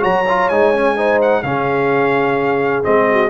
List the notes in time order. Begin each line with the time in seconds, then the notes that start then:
0.00 F#3 F#4 C#5 A#5
0.28 F4
0.49 G#3 D#4 G#5
0.73 C#4
0.96 D#4 C5
1.22 F#5
1.43 C#3 C#4 G#4 F5
2.83 G#3 C4 D#5
3.11 F#4